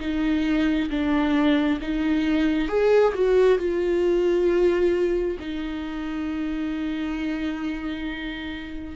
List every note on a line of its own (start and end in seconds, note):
0.00 0.90 D#4
0.90 1.80 D4
1.81 2.68 D#4
2.68 3.13 G#4
3.15 3.59 F#4
3.59 5.38 F4
5.39 8.96 D#4